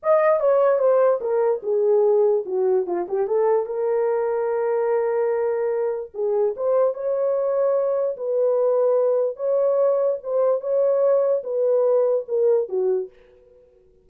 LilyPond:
\new Staff \with { instrumentName = "horn" } { \time 4/4 \tempo 4 = 147 dis''4 cis''4 c''4 ais'4 | gis'2 fis'4 f'8 g'8 | a'4 ais'2.~ | ais'2. gis'4 |
c''4 cis''2. | b'2. cis''4~ | cis''4 c''4 cis''2 | b'2 ais'4 fis'4 | }